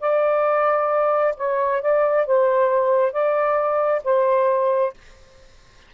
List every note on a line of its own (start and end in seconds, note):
0.00 1.34 D5
1.37 1.82 C#5
1.82 2.27 D5
2.27 3.12 C5
3.12 4.02 D5
4.04 4.94 C5